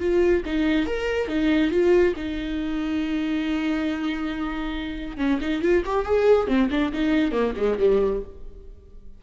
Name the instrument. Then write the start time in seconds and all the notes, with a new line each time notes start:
viola
0.00 F4
0.46 D#4
0.87 A#4
1.28 D#4
1.71 F4
2.16 D#4
5.18 C#4
5.41 D#4
5.62 F4
5.86 G4
6.06 G#4
6.48 C4
6.71 D4
6.93 D#4
7.32 A#3
7.57 G#3
7.79 G3